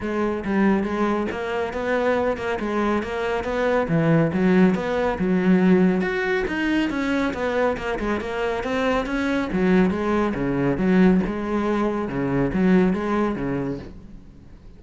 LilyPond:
\new Staff \with { instrumentName = "cello" } { \time 4/4 \tempo 4 = 139 gis4 g4 gis4 ais4 | b4. ais8 gis4 ais4 | b4 e4 fis4 b4 | fis2 fis'4 dis'4 |
cis'4 b4 ais8 gis8 ais4 | c'4 cis'4 fis4 gis4 | cis4 fis4 gis2 | cis4 fis4 gis4 cis4 | }